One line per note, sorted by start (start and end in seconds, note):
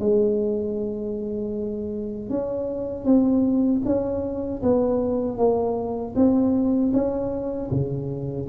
0.00 2.29 G#3
2.29 3.05 C#4
3.05 3.82 C4
3.85 4.62 C#4
4.63 5.37 B3
5.37 6.14 A#3
6.15 6.92 C4
6.93 7.70 C#4
7.71 8.48 C#3